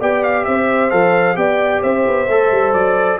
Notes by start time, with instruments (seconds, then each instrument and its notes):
0.00 tuba B3, trombone G4, horn D5, trumpet G5
0.24 trumpet F5
0.45 tuba C4, horn C5, trumpet E5
0.91 tuba F3, trombone A4, trumpet F5
1.35 tuba B3, trombone G4, horn D5, trumpet G5
1.82 tuba C4, horn C5, trumpet E5
2.07 tuba B3
2.28 tuba A3, trombone A4
2.51 tuba G3
2.73 tuba F#3, trumpet D5